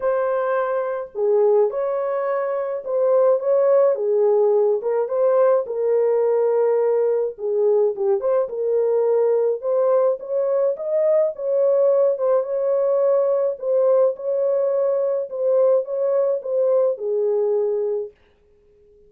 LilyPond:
\new Staff \with { instrumentName = "horn" } { \time 4/4 \tempo 4 = 106 c''2 gis'4 cis''4~ | cis''4 c''4 cis''4 gis'4~ | gis'8 ais'8 c''4 ais'2~ | ais'4 gis'4 g'8 c''8 ais'4~ |
ais'4 c''4 cis''4 dis''4 | cis''4. c''8 cis''2 | c''4 cis''2 c''4 | cis''4 c''4 gis'2 | }